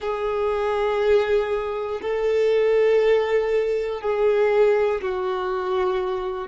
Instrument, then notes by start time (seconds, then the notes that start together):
violin
0.00 G#4
2.01 A4
4.00 G#4
5.01 F#4